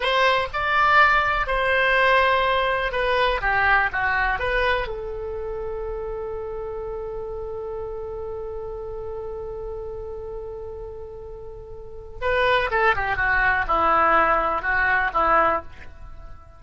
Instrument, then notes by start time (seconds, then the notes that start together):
oboe
0.00 C5
0.53 D5
1.46 C5
2.91 B4
3.41 G4
3.92 F#4
4.39 B4
4.87 A4
12.21 B4
12.70 A4
12.95 G4
13.16 F#4
13.67 E4
14.62 F#4
15.13 E4